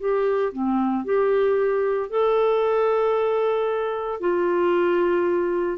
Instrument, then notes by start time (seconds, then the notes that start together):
clarinet
0.00 G4
0.53 C4
1.05 G4
2.10 A4
4.20 F4